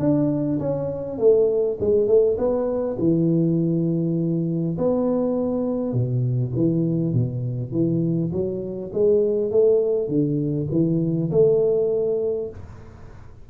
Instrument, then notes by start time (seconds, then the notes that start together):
tuba
0.00 D4
0.60 C#4
1.19 A3
1.81 G#3
2.08 A3
2.38 B3
2.99 E3
4.78 B3
5.93 B2
6.56 E3
7.14 B2
7.72 E3
8.32 F#3
8.94 G#3
9.52 A3
10.09 D3
10.72 E3
11.31 A3